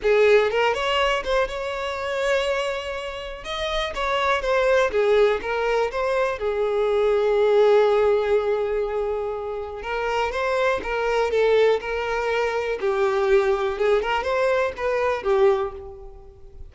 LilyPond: \new Staff \with { instrumentName = "violin" } { \time 4/4 \tempo 4 = 122 gis'4 ais'8 cis''4 c''8 cis''4~ | cis''2. dis''4 | cis''4 c''4 gis'4 ais'4 | c''4 gis'2.~ |
gis'1 | ais'4 c''4 ais'4 a'4 | ais'2 g'2 | gis'8 ais'8 c''4 b'4 g'4 | }